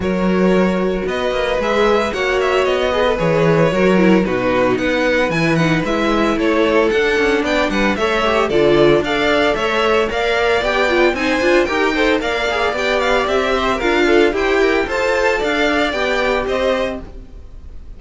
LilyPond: <<
  \new Staff \with { instrumentName = "violin" } { \time 4/4 \tempo 4 = 113 cis''2 dis''4 e''4 | fis''8 e''8 dis''4 cis''2 | b'4 fis''4 gis''8 fis''8 e''4 | cis''4 fis''4 g''8 fis''8 e''4 |
d''4 f''4 e''4 f''4 | g''4 gis''4 g''4 f''4 | g''8 f''8 e''4 f''4 g''4 | a''4 f''4 g''4 dis''4 | }
  \new Staff \with { instrumentName = "violin" } { \time 4/4 ais'2 b'2 | cis''4. b'4. ais'4 | fis'4 b'2. | a'2 d''8 b'8 cis''4 |
a'4 d''4 cis''4 d''4~ | d''4 c''4 ais'8 c''8 d''4~ | d''4. c''8 ais'8 a'8 g'4 | c''4 d''2 c''4 | }
  \new Staff \with { instrumentName = "viola" } { \time 4/4 fis'2. gis'4 | fis'4. gis'16 a'16 gis'4 fis'8 e'8 | dis'2 e'8 dis'8 e'4~ | e'4 d'2 a'8 g'8 |
f'4 a'2 ais'4 | g'8 f'8 dis'8 f'8 g'8 a'8 ais'8 gis'8 | g'2 f'4 c''8 ais'8 | a'2 g'2 | }
  \new Staff \with { instrumentName = "cello" } { \time 4/4 fis2 b8 ais8 gis4 | ais4 b4 e4 fis4 | b,4 b4 e4 gis4 | a4 d'8 cis'8 b8 g8 a4 |
d4 d'4 a4 ais4 | b4 c'8 d'8 dis'4 ais4 | b4 c'4 d'4 e'4 | f'4 d'4 b4 c'4 | }
>>